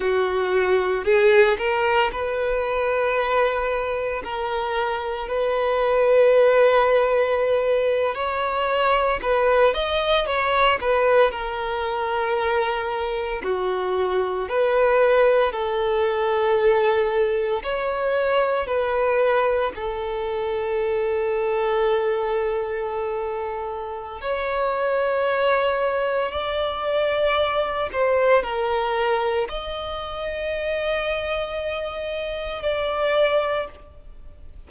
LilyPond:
\new Staff \with { instrumentName = "violin" } { \time 4/4 \tempo 4 = 57 fis'4 gis'8 ais'8 b'2 | ais'4 b'2~ b'8. cis''16~ | cis''8. b'8 dis''8 cis''8 b'8 ais'4~ ais'16~ | ais'8. fis'4 b'4 a'4~ a'16~ |
a'8. cis''4 b'4 a'4~ a'16~ | a'2. cis''4~ | cis''4 d''4. c''8 ais'4 | dis''2. d''4 | }